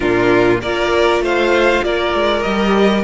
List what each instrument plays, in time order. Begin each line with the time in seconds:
0.00 cello A#2, viola D4, violin F4 A#4
0.61 cello A#3, viola F4, violin A#4 D5
1.19 cello A3, violin C5 F5
1.83 cello A#3, violin A#4 D5
2.14 cello G#3
2.42 cello G3, viola G4, violin D#5